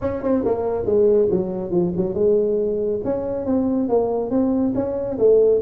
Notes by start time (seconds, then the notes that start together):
0.01 C#4
0.23 C4
0.45 A#3
0.85 G#3
1.30 F#3
1.70 F3
1.96 F#3
2.14 G#3
3.04 C#4
3.45 C4
3.88 A#3
4.30 C4
4.75 C#4
5.18 A3